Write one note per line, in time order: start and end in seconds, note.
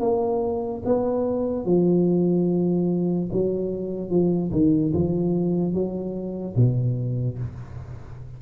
0.00 0.82 A#3
0.85 1.65 B3
1.65 3.30 F3
3.32 4.10 F#3
4.10 4.51 F3
4.52 4.93 D#3
4.94 5.73 F3
5.73 6.56 F#3
6.56 7.38 B2